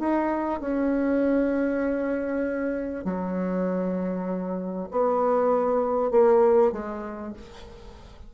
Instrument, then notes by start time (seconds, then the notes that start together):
bassoon
0.00 D#4
0.61 C#4
3.05 F#3
4.91 B3
6.11 A#3
6.73 G#3